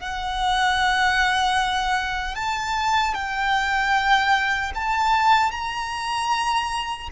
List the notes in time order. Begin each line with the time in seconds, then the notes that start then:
0.00 F#5
2.35 A5
3.14 G5
4.75 A5
5.51 A#5